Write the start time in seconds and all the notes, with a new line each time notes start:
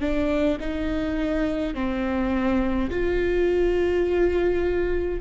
0.00 D4
0.60 D#4
1.75 C4
2.90 F4